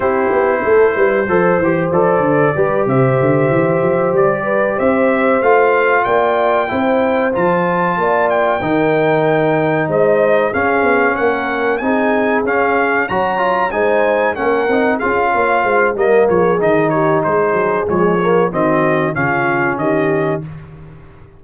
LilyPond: <<
  \new Staff \with { instrumentName = "trumpet" } { \time 4/4 \tempo 4 = 94 c''2. d''4~ | d''8 e''2 d''4 e''8~ | e''8 f''4 g''2 a''8~ | a''4 g''2~ g''8 dis''8~ |
dis''8 f''4 fis''4 gis''4 f''8~ | f''8 ais''4 gis''4 fis''4 f''8~ | f''4 dis''8 cis''8 dis''8 cis''8 c''4 | cis''4 dis''4 f''4 dis''4 | }
  \new Staff \with { instrumentName = "horn" } { \time 4/4 g'4 a'8 b'8 c''2 | b'8 c''2~ c''8 b'8 c''8~ | c''4. d''4 c''4.~ | c''8 d''4 ais'2 c''8~ |
c''8 gis'4 ais'4 gis'4.~ | gis'8 cis''4 c''4 ais'4 gis'8 | cis''8 c''8 ais'8 gis'4 g'8 gis'4~ | gis'4 fis'4 f'4 g'4 | }
  \new Staff \with { instrumentName = "trombone" } { \time 4/4 e'2 a'8 g'8 a'4 | g'1~ | g'8 f'2 e'4 f'8~ | f'4. dis'2~ dis'8~ |
dis'8 cis'2 dis'4 cis'8~ | cis'8 fis'8 f'8 dis'4 cis'8 dis'8 f'8~ | f'4 ais4 dis'2 | gis8 ais8 c'4 cis'2 | }
  \new Staff \with { instrumentName = "tuba" } { \time 4/4 c'8 b8 a8 g8 f8 e8 f8 d8 | g8 c8 d8 e8 f8 g4 c'8~ | c'8 a4 ais4 c'4 f8~ | f8 ais4 dis2 gis8~ |
gis8 cis'8 b8 ais4 c'4 cis'8~ | cis'8 fis4 gis4 ais8 c'8 cis'8 | ais8 gis8 g8 f8 dis4 gis8 fis8 | f4 dis4 cis4 dis4 | }
>>